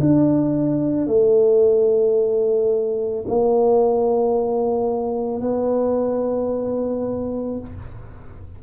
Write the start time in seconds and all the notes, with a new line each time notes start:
0.00 D4
1.07 A3
3.27 A#3
5.41 B3